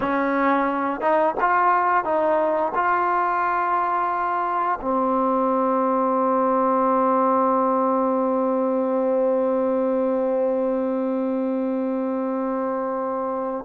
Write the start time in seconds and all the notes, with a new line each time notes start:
0.00 C#4
1.00 D#4
1.40 F4
2.04 D#4
2.75 F4
4.81 C4